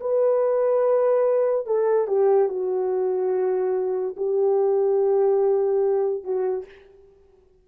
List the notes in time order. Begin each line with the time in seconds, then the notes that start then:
0.00 B4
1.66 A4
2.07 G4
2.48 F#4
4.16 G4
6.24 F#4